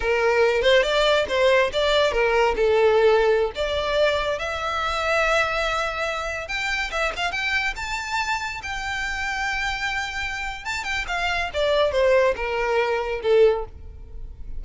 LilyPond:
\new Staff \with { instrumentName = "violin" } { \time 4/4 \tempo 4 = 141 ais'4. c''8 d''4 c''4 | d''4 ais'4 a'2~ | a'16 d''2 e''4.~ e''16~ | e''2.~ e''16 g''8.~ |
g''16 e''8 f''8 g''4 a''4.~ a''16~ | a''16 g''2.~ g''8.~ | g''4 a''8 g''8 f''4 d''4 | c''4 ais'2 a'4 | }